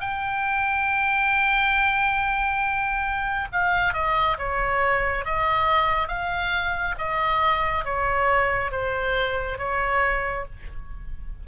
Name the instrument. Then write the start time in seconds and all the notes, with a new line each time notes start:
oboe
0.00 G5
3.52 F5
3.93 D#5
4.38 C#5
5.25 D#5
6.08 F5
6.98 D#5
7.85 C#5
8.71 C5
9.58 C#5